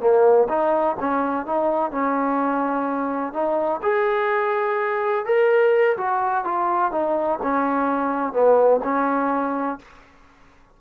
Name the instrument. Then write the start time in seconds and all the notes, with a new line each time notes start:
trombone
0.00 A#3
0.49 D#4
1.00 C#4
1.46 D#4
1.91 C#4
3.33 D#4
3.82 G#4
5.26 A#4
5.97 F#4
6.44 F4
6.92 D#4
7.42 C#4
8.33 B3
8.84 C#4